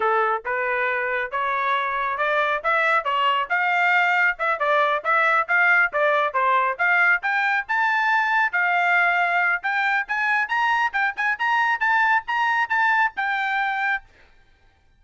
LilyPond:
\new Staff \with { instrumentName = "trumpet" } { \time 4/4 \tempo 4 = 137 a'4 b'2 cis''4~ | cis''4 d''4 e''4 cis''4 | f''2 e''8 d''4 e''8~ | e''8 f''4 d''4 c''4 f''8~ |
f''8 g''4 a''2 f''8~ | f''2 g''4 gis''4 | ais''4 g''8 gis''8 ais''4 a''4 | ais''4 a''4 g''2 | }